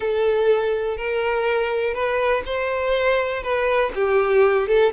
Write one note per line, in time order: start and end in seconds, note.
0.00 0.97 A4
0.97 1.94 A#4
1.94 2.43 B4
2.45 3.42 C5
3.42 3.91 B4
3.94 4.67 G4
4.67 4.92 A4